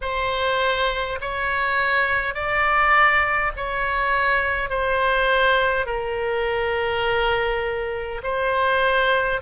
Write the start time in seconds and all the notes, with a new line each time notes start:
0.01 C5
1.20 C#5
2.34 D5
3.56 C#5
4.70 C5
5.86 A#4
8.23 C5